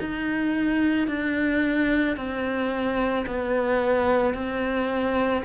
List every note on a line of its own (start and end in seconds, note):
0.00 1.08 D#4
1.08 2.16 D4
2.16 3.25 C4
3.26 4.34 B3
4.34 5.43 C4